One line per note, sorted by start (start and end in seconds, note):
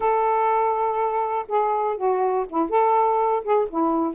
0.00 1.46 A4
1.48 1.96 G#4
1.96 2.45 F#4
2.49 2.69 E4
2.69 3.43 A4
3.44 3.68 G#4
3.69 4.14 E4